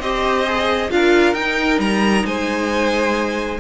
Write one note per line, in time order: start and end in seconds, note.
0.00 0.90 C4
0.00 0.46 G4
0.00 0.91 C5
0.00 0.91 D#5
0.46 0.90 G#4
0.90 1.34 D4
0.90 1.35 F4
0.90 2.26 A#4
0.90 1.34 F5
1.34 1.79 D#4
1.34 3.59 D#4
1.34 1.79 G5
1.79 2.24 G3
1.79 2.26 A#5
2.25 3.60 G#3
2.25 3.60 C5
2.25 3.60 G#5